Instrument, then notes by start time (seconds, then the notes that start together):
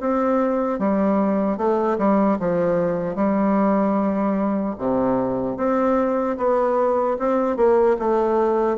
bassoon
0.00 C4
0.79 G3
1.57 A3
1.98 G3
2.39 F3
3.15 G3
4.78 C3
5.57 C4
6.37 B3
7.19 C4
7.56 A#3
7.99 A3